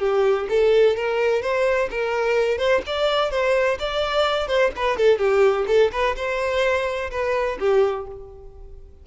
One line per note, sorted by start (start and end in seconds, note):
0.00 0.47 G4
0.49 0.97 A4
0.97 1.42 A#4
1.42 1.90 C5
1.91 2.58 A#4
2.58 2.82 C5
2.87 3.31 D5
3.31 3.78 C5
3.79 4.48 D5
4.48 4.72 C5
4.76 4.97 B4
4.97 5.19 A4
5.19 5.66 G4
5.68 5.91 A4
5.92 6.16 B4
6.16 7.11 C5
7.11 7.58 B4
7.60 8.07 G4